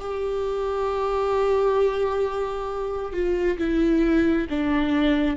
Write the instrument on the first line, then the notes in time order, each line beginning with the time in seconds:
viola
0.00 G4
3.13 F4
3.58 E4
4.50 D4